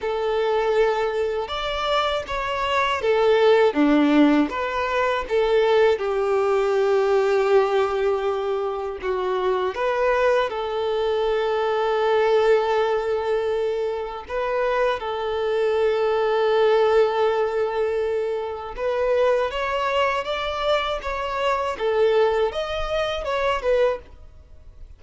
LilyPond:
\new Staff \with { instrumentName = "violin" } { \time 4/4 \tempo 4 = 80 a'2 d''4 cis''4 | a'4 d'4 b'4 a'4 | g'1 | fis'4 b'4 a'2~ |
a'2. b'4 | a'1~ | a'4 b'4 cis''4 d''4 | cis''4 a'4 dis''4 cis''8 b'8 | }